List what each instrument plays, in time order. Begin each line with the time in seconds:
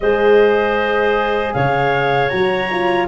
0.00 tuba G#3, horn G#4, clarinet C5, flute D#5
1.53 tuba C#3, clarinet C#5, flute F5
2.28 tuba F#3, horn F#4, flute A#5
2.71 horn F4